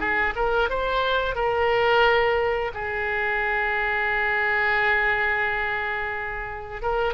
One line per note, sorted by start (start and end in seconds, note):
0.00 0.34 G#4
0.36 0.70 A#4
0.70 1.35 C5
1.35 2.71 A#4
2.74 6.82 G#4
6.82 7.14 A#4